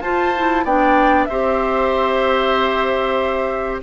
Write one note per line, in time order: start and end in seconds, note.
0.00 0.63 F4
0.00 0.35 F4
0.00 0.64 C5
0.00 0.64 A5
0.36 0.66 E4
0.64 1.27 B3
0.64 1.29 D4
0.64 1.27 D5
0.64 1.24 G5
1.24 3.81 C4
1.24 3.82 G4
1.24 3.81 C5
1.24 3.77 E5